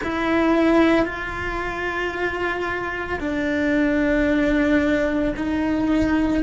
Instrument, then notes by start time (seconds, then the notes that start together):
cello
0.03 E4
1.05 F4
3.19 D4
5.36 D#4